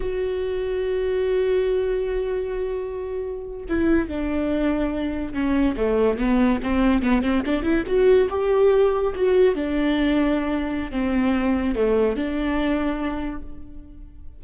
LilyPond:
\new Staff \with { instrumentName = "viola" } { \time 4/4 \tempo 4 = 143 fis'1~ | fis'1~ | fis'8. e'4 d'2~ d'16~ | d'8. cis'4 a4 b4 c'16~ |
c'8. b8 c'8 d'8 e'8 fis'4 g'16~ | g'4.~ g'16 fis'4 d'4~ d'16~ | d'2 c'2 | a4 d'2. | }